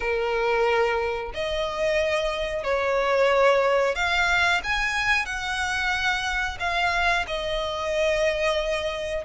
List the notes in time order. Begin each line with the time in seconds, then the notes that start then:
0.00 A#4
1.34 D#5
2.63 C#5
3.95 F5
4.63 G#5
5.25 F#5
6.59 F5
7.27 D#5